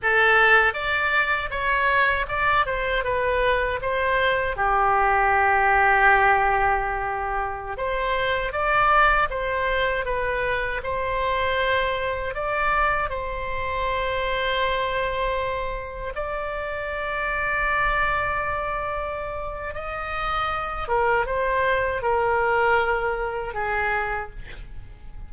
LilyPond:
\new Staff \with { instrumentName = "oboe" } { \time 4/4 \tempo 4 = 79 a'4 d''4 cis''4 d''8 c''8 | b'4 c''4 g'2~ | g'2~ g'16 c''4 d''8.~ | d''16 c''4 b'4 c''4.~ c''16~ |
c''16 d''4 c''2~ c''8.~ | c''4~ c''16 d''2~ d''8.~ | d''2 dis''4. ais'8 | c''4 ais'2 gis'4 | }